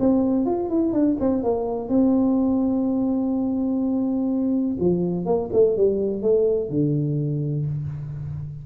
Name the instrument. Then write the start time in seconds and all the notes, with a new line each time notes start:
tuba
0.00 C4
0.46 F4
0.70 E4
0.93 D4
1.20 C4
1.44 A#3
1.89 C4
4.80 F3
5.26 A#3
5.53 A3
5.77 G3
6.22 A3
6.70 D3